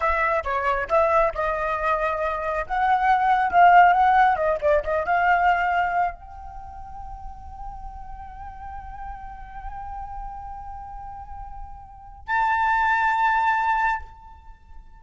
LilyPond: \new Staff \with { instrumentName = "flute" } { \time 4/4 \tempo 4 = 137 e''4 cis''4 e''4 dis''4~ | dis''2 fis''2 | f''4 fis''4 dis''8 d''8 dis''8 f''8~ | f''2 g''2~ |
g''1~ | g''1~ | g''1 | a''1 | }